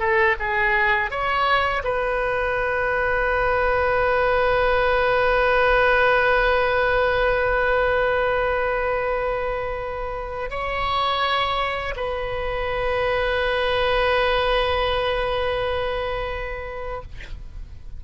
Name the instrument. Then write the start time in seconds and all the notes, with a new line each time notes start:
oboe
0.00 A4
0.40 G#4
1.11 C#5
1.84 B4
10.50 C#5
11.97 B4